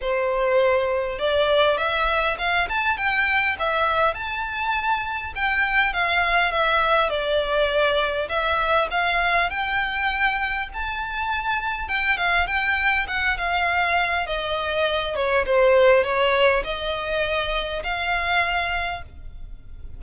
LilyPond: \new Staff \with { instrumentName = "violin" } { \time 4/4 \tempo 4 = 101 c''2 d''4 e''4 | f''8 a''8 g''4 e''4 a''4~ | a''4 g''4 f''4 e''4 | d''2 e''4 f''4 |
g''2 a''2 | g''8 f''8 g''4 fis''8 f''4. | dis''4. cis''8 c''4 cis''4 | dis''2 f''2 | }